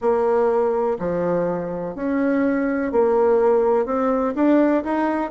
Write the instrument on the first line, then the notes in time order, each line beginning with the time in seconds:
bassoon
0.00 A#3
0.99 F3
1.95 C#4
2.92 A#3
3.85 C4
4.35 D4
4.83 D#4